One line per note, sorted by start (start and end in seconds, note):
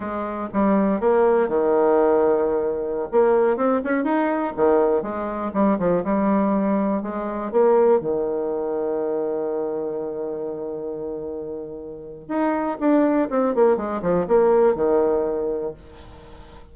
0.00 0.48 G#3
0.53 1.00 G3
1.00 1.48 A#3
1.48 3.08 D#3
3.11 3.56 A#3
3.56 3.81 C4
3.84 4.04 C#4
4.04 4.53 D#4
4.56 5.02 D#3
5.02 5.51 G#3
5.53 5.78 G3
5.79 6.03 F3
6.04 7.02 G3
7.02 7.51 G#3
7.51 8.00 A#3
8.00 12.28 D#3
12.28 12.77 D#4
12.79 13.29 D4
13.30 13.54 C4
13.54 13.76 A#3
13.76 14.01 G#3
14.02 14.26 F3
14.27 14.75 A#3
14.75 15.73 D#3